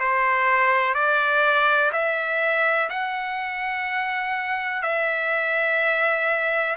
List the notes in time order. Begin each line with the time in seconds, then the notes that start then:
0.00 C5
0.95 D5
1.93 E5
2.90 F#5
4.83 E5